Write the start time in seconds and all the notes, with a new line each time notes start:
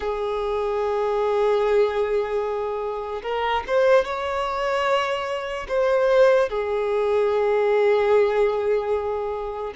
0.00 G#4
3.22 A#4
3.67 C5
4.04 C#5
5.68 C5
6.49 G#4